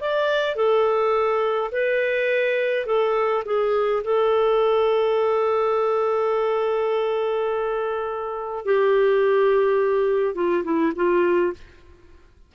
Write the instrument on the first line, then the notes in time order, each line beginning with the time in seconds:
clarinet
0.00 D5
0.55 A4
1.71 B4
2.86 A4
3.45 G#4
4.04 A4
8.65 G4
10.34 F4
10.64 E4
10.95 F4